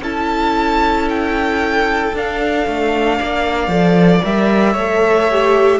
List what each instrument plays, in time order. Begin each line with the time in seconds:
0.00 cello C#4, viola E4, violin A4 A5
1.10 violin G5
2.14 cello D4, viola D4, violin F5
2.67 cello A3
3.19 cello A#3, violin D5
3.68 cello F3, viola A4
4.23 cello G3, viola A#4, violin E5
4.73 cello A3, viola A4, violin C#5
5.30 viola G4